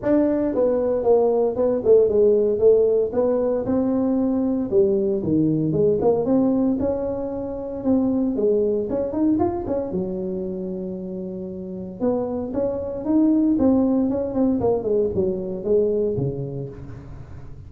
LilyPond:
\new Staff \with { instrumentName = "tuba" } { \time 4/4 \tempo 4 = 115 d'4 b4 ais4 b8 a8 | gis4 a4 b4 c'4~ | c'4 g4 dis4 gis8 ais8 | c'4 cis'2 c'4 |
gis4 cis'8 dis'8 f'8 cis'8 fis4~ | fis2. b4 | cis'4 dis'4 c'4 cis'8 c'8 | ais8 gis8 fis4 gis4 cis4 | }